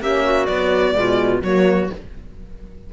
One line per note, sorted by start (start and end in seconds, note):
0.00 0.48 A#3
0.00 0.47 C#4
0.00 0.24 G4
0.00 0.45 E5
0.24 0.95 F#4
0.45 0.92 F#3
0.45 0.95 B3
0.45 1.40 D5
0.92 1.42 B2
0.92 1.39 G#3
0.92 1.43 F4
1.42 1.89 F#3
1.42 1.92 A#3
1.42 1.93 F#4
1.42 1.90 C#5